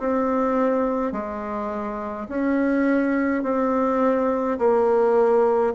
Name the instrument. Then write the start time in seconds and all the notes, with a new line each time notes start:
bassoon
0.00 C4
1.12 G#3
2.29 C#4
3.43 C4
4.59 A#3